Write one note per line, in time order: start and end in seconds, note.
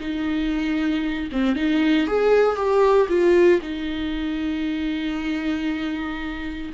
0.00 1.29 D#4
1.32 1.56 C4
1.56 2.07 D#4
2.07 2.56 G#4
2.56 3.08 G4
3.09 3.61 F4
3.62 6.72 D#4